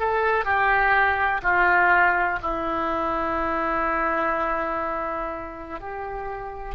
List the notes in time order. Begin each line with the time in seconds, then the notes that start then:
0.00 A4
0.45 G4
1.43 F4
2.42 E4
5.81 G4